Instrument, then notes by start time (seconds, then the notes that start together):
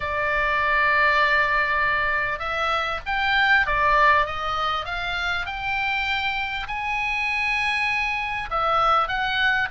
oboe
0.00 D5
2.39 E5
3.06 G5
3.66 D5
4.26 D#5
4.85 F5
5.45 G5
6.67 G#5
8.50 E5
9.07 F#5